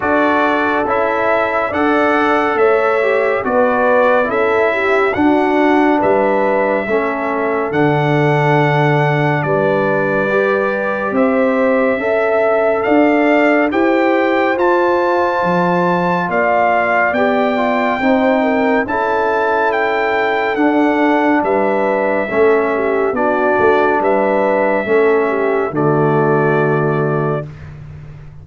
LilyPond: <<
  \new Staff \with { instrumentName = "trumpet" } { \time 4/4 \tempo 4 = 70 d''4 e''4 fis''4 e''4 | d''4 e''4 fis''4 e''4~ | e''4 fis''2 d''4~ | d''4 e''2 f''4 |
g''4 a''2 f''4 | g''2 a''4 g''4 | fis''4 e''2 d''4 | e''2 d''2 | }
  \new Staff \with { instrumentName = "horn" } { \time 4/4 a'2 d''4 cis''4 | b'4 a'8 g'8 fis'4 b'4 | a'2. b'4~ | b'4 c''4 e''4 d''4 |
c''2. d''4~ | d''4 c''8 ais'8 a'2~ | a'4 b'4 a'8 g'8 fis'4 | b'4 a'8 g'8 fis'2 | }
  \new Staff \with { instrumentName = "trombone" } { \time 4/4 fis'4 e'4 a'4. g'8 | fis'4 e'4 d'2 | cis'4 d'2. | g'2 a'2 |
g'4 f'2. | g'8 f'8 dis'4 e'2 | d'2 cis'4 d'4~ | d'4 cis'4 a2 | }
  \new Staff \with { instrumentName = "tuba" } { \time 4/4 d'4 cis'4 d'4 a4 | b4 cis'4 d'4 g4 | a4 d2 g4~ | g4 c'4 cis'4 d'4 |
e'4 f'4 f4 ais4 | b4 c'4 cis'2 | d'4 g4 a4 b8 a8 | g4 a4 d2 | }
>>